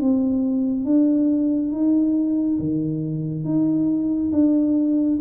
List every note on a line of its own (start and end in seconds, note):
0.00 0.85 C4
0.85 1.72 D4
1.72 2.58 D#4
2.59 3.44 D#3
3.44 4.31 D#4
4.32 5.19 D4